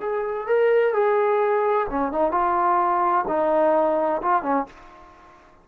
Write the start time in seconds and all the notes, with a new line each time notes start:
0.00 G#4
0.47 A#4
0.93 G#4
1.89 C#4
2.11 D#4
2.31 F4
3.27 D#4
4.22 F4
4.42 C#4